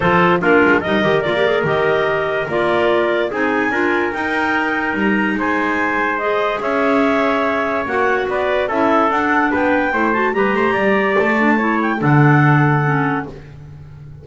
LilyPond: <<
  \new Staff \with { instrumentName = "clarinet" } { \time 4/4 \tempo 4 = 145 c''4 ais'4 dis''4 d''4 | dis''2 d''2 | gis''2 g''2 | ais''4 gis''2 dis''4 |
e''2. fis''4 | d''4 e''4 fis''4 g''4~ | g''8 a''8 ais''2 a''4~ | a''8 g''8 fis''2. | }
  \new Staff \with { instrumentName = "trumpet" } { \time 4/4 a'4 f'4 ais'2~ | ais'1 | gis'4 ais'2.~ | ais'4 c''2. |
cis''1 | b'4 a'2 b'4 | c''4 b'8 c''8 d''2 | cis''4 a'2. | }
  \new Staff \with { instrumentName = "clarinet" } { \time 4/4 f'4 d'4 dis'8 g'8 f'16 g'16 gis'8 | g'2 f'2 | dis'4 f'4 dis'2~ | dis'2. gis'4~ |
gis'2. fis'4~ | fis'4 e'4 d'2 | e'8 fis'8 g'2~ g'8 d'8 | e'4 d'2 cis'4 | }
  \new Staff \with { instrumentName = "double bass" } { \time 4/4 f4 ais8 gis8 g8 dis8 ais4 | dis2 ais2 | c'4 d'4 dis'2 | g4 gis2. |
cis'2. ais4 | b4 cis'4 d'4 b4 | a4 g8 a8 g4 a4~ | a4 d2. | }
>>